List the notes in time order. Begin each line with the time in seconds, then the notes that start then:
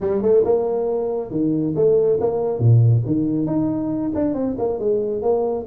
0.00 G3
0.22 A3
0.44 A#3
1.30 D#3
1.75 A3
2.20 A#3
2.58 A#2
3.06 D#3
3.46 D#4
4.14 D4
4.34 C4
4.58 A#3
4.79 G#3
5.22 A#3